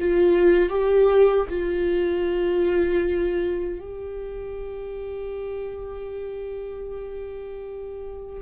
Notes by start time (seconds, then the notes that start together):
0.00 F4
0.70 G4
1.50 F4
3.80 G4